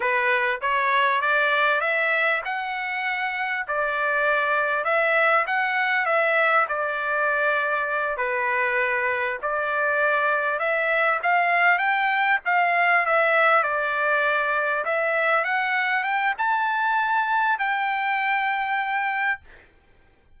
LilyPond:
\new Staff \with { instrumentName = "trumpet" } { \time 4/4 \tempo 4 = 99 b'4 cis''4 d''4 e''4 | fis''2 d''2 | e''4 fis''4 e''4 d''4~ | d''4. b'2 d''8~ |
d''4. e''4 f''4 g''8~ | g''8 f''4 e''4 d''4.~ | d''8 e''4 fis''4 g''8 a''4~ | a''4 g''2. | }